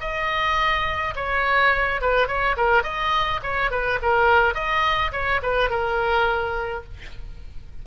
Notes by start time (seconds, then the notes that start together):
0.00 D#5
1.15 C#5
2.01 B4
2.27 C#5
2.56 A#4
2.83 D#5
3.43 C#5
3.70 B4
4.02 A#4
4.54 D#5
5.12 C#5
5.42 B4
5.70 A#4